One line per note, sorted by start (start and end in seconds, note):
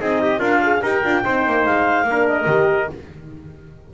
0.00 0.40 C4
0.00 0.39 D#4
0.00 0.22 G#4
0.00 0.42 D#5
0.22 0.39 G4
0.39 0.81 D4
0.39 0.81 F4
0.39 0.59 A#4
0.39 0.83 F5
0.64 0.83 G#4
0.82 1.04 D#4
0.82 1.03 G4
0.82 1.24 A#4
0.82 1.66 G5
1.04 1.25 D4
1.04 1.24 F4
1.24 1.47 C4
1.24 2.07 D#4
1.24 2.08 C5
1.47 1.67 A#3
1.66 2.04 G#3
1.66 2.28 F5
2.04 2.46 A#3
2.11 2.47 D4
2.11 2.94 A#4
2.28 2.90 D#5
2.47 2.88 D#3
2.47 2.88 G4